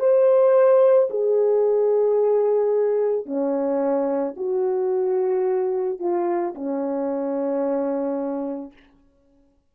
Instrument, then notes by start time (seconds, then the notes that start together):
horn
0.00 C5
1.11 G#4
3.26 C#4
4.37 F#4
6.00 F4
6.55 C#4